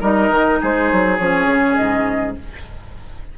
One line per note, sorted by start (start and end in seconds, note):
0.00 0.29 G3
0.00 1.18 D#4
0.00 0.59 A#4
0.00 0.61 D#5
0.29 0.59 D#3
0.61 0.92 G#3
0.61 2.37 G#4
0.61 1.17 C5
0.92 1.19 F#3
1.17 1.46 F3
1.17 2.38 C#4
1.17 1.76 C#5
1.46 1.75 C#3
1.76 2.38 G#2
1.76 2.35 D#5